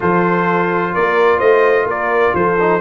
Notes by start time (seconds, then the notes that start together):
0.00 F3 F4 A4 C5
0.94 A#3 A#4 D5
1.37 A3 C5 D#5
1.85 A#3 A#4 D5
2.34 F3 A4 C5
2.60 D#4